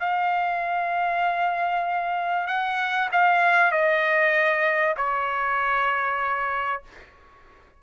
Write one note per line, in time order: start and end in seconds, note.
0.00 2.47 F5
2.47 3.09 F#5
3.12 3.72 F5
3.72 4.95 D#5
4.97 6.83 C#5